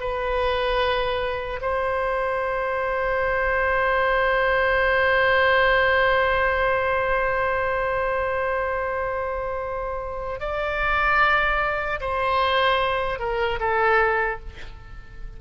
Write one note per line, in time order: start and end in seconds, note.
0.00 1.60 B4
1.61 10.40 C5
10.40 12.00 D5
12.00 13.19 C5
13.19 13.59 A#4
13.60 14.40 A4